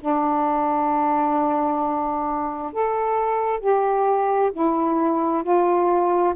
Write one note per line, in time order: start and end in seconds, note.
0.00 2.73 D4
2.73 3.60 A4
3.60 4.51 G4
4.53 5.43 E4
5.43 6.34 F4